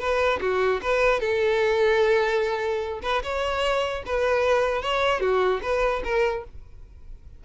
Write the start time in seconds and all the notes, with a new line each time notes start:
0.00 B4
0.41 F#4
0.83 B4
1.21 A4
3.03 B4
3.24 C#5
4.07 B4
4.83 C#5
5.21 F#4
5.63 B4
6.05 A#4